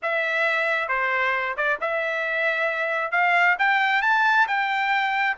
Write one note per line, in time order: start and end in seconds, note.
0.02 0.88 E5
0.88 1.55 C5
1.57 1.79 D5
1.81 3.11 E5
3.11 3.56 F5
3.58 4.02 G5
4.02 4.47 A5
4.47 5.36 G5